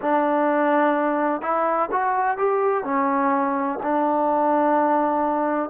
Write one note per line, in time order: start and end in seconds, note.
0.01 1.41 D4
1.41 1.89 E4
1.91 2.37 F#4
2.37 2.84 G4
2.84 3.79 C#4
3.82 5.70 D4